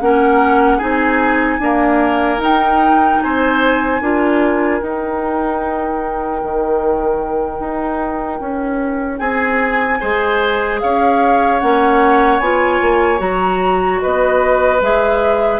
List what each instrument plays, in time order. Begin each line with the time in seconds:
0.00 bassoon A#3, clarinet C#4, oboe A#4, flute F#5
0.77 bassoon C4, clarinet D#4, oboe G#4, flute G#5
1.58 clarinet A#3, bassoon D4, oboe A#4
2.38 bassoon D#4, clarinet D#4, flute G5
3.22 bassoon C4, oboe C5, flute G#5
4.00 bassoon D4, clarinet F4, oboe A#4
4.81 clarinet D#4, bassoon D#4, flute G5
6.43 bassoon D#3
7.59 bassoon D#4
8.40 bassoon C#4
9.18 bassoon C4, oboe G#4, flute G#5
10.00 bassoon G#3, clarinet G#4, oboe C5
10.79 bassoon C#4, oboe C#5, flute F5
11.59 bassoon A#3, clarinet C#4, flute F#5
12.39 bassoon B3, clarinet F4, flute G#5
12.81 bassoon A#3
13.18 bassoon F#3, clarinet F#4, flute A#5
14.01 bassoon B3, oboe B4, flute D#5
14.81 bassoon G#3, clarinet G#4, flute E5